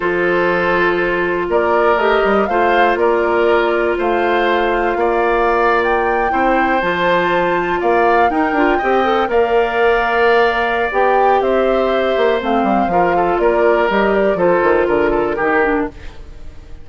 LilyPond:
<<
  \new Staff \with { instrumentName = "flute" } { \time 4/4 \tempo 4 = 121 c''2. d''4 | dis''4 f''4 d''2 | f''2.~ f''8. g''16~ | g''4.~ g''16 a''2 f''16~ |
f''8. g''2 f''4~ f''16~ | f''2 g''4 e''4~ | e''4 f''2 d''4 | dis''8 d''8 c''4 ais'2 | }
  \new Staff \with { instrumentName = "oboe" } { \time 4/4 a'2. ais'4~ | ais'4 c''4 ais'2 | c''2 d''2~ | d''8. c''2. d''16~ |
d''8. ais'4 dis''4 d''4~ d''16~ | d''2. c''4~ | c''2 ais'8 a'8 ais'4~ | ais'4 a'4 ais'8 a'8 g'4 | }
  \new Staff \with { instrumentName = "clarinet" } { \time 4/4 f'1 | g'4 f'2.~ | f'1~ | f'8. e'4 f'2~ f'16~ |
f'8. dis'8 f'8 g'8 a'8 ais'4~ ais'16~ | ais'2 g'2~ | g'4 c'4 f'2 | g'4 f'2 dis'8 d'8 | }
  \new Staff \with { instrumentName = "bassoon" } { \time 4/4 f2. ais4 | a8 g8 a4 ais2 | a2 ais2~ | ais8. c'4 f2 ais16~ |
ais8. dis'8 d'8 c'4 ais4~ ais16~ | ais2 b4 c'4~ | c'8 ais8 a8 g8 f4 ais4 | g4 f8 dis8 d4 dis4 | }
>>